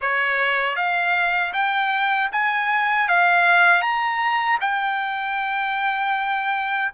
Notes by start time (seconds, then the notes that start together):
0.01 C#5
0.76 F5
1.53 G5
2.31 G#5
3.08 F5
3.81 A#5
4.60 G5